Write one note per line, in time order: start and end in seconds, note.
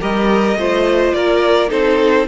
0.00 0.56 G3
0.00 0.57 G4
0.00 0.57 A#4
0.00 1.13 D#5
0.56 1.12 A3
0.56 1.68 F4
0.56 1.15 C5
1.13 1.71 A#3
1.13 1.69 A#4
1.13 1.69 D5
1.68 2.27 C4
1.68 2.25 D#4
1.68 2.26 A4
1.68 2.27 C5